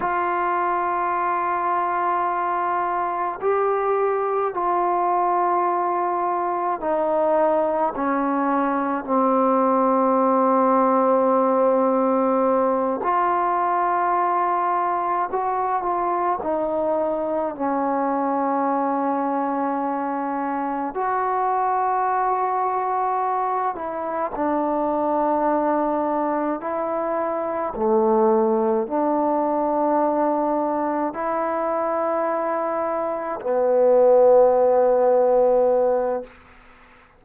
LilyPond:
\new Staff \with { instrumentName = "trombone" } { \time 4/4 \tempo 4 = 53 f'2. g'4 | f'2 dis'4 cis'4 | c'2.~ c'8 f'8~ | f'4. fis'8 f'8 dis'4 cis'8~ |
cis'2~ cis'8 fis'4.~ | fis'4 e'8 d'2 e'8~ | e'8 a4 d'2 e'8~ | e'4. b2~ b8 | }